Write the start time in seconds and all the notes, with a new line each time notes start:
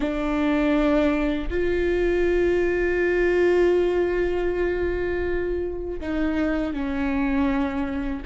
0.00 D4
1.50 F4
6.00 D#4
6.73 C#4